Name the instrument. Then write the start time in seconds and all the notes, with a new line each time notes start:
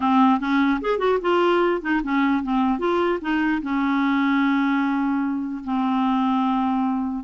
clarinet
0.00 C4
0.40 C#4
0.81 G#4
0.98 F#4
1.21 F4
1.81 D#4
2.03 C#4
2.43 C4
2.78 F4
3.21 D#4
3.62 C#4
5.64 C4